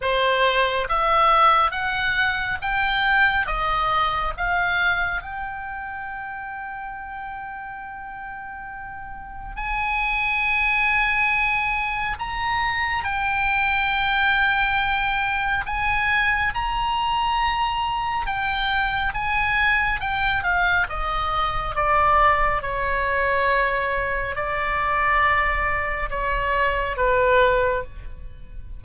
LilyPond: \new Staff \with { instrumentName = "oboe" } { \time 4/4 \tempo 4 = 69 c''4 e''4 fis''4 g''4 | dis''4 f''4 g''2~ | g''2. gis''4~ | gis''2 ais''4 g''4~ |
g''2 gis''4 ais''4~ | ais''4 g''4 gis''4 g''8 f''8 | dis''4 d''4 cis''2 | d''2 cis''4 b'4 | }